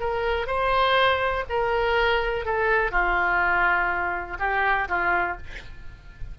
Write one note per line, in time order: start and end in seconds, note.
0.00 0.47 A#4
0.47 1.44 C5
1.49 2.45 A#4
2.45 2.91 A4
2.91 4.37 F4
4.39 4.88 G4
4.88 5.37 F4